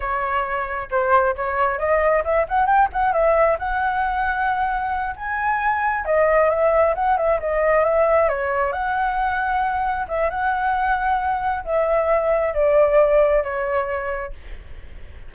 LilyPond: \new Staff \with { instrumentName = "flute" } { \time 4/4 \tempo 4 = 134 cis''2 c''4 cis''4 | dis''4 e''8 fis''8 g''8 fis''8 e''4 | fis''2.~ fis''8 gis''8~ | gis''4. dis''4 e''4 fis''8 |
e''8 dis''4 e''4 cis''4 fis''8~ | fis''2~ fis''8 e''8 fis''4~ | fis''2 e''2 | d''2 cis''2 | }